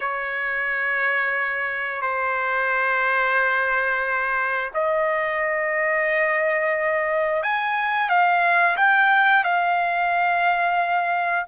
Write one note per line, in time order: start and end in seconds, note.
0.00 2.01 C#5
2.01 4.71 C5
4.73 7.42 D#5
7.42 8.09 G#5
8.09 8.76 F5
8.76 9.44 G5
9.44 11.46 F5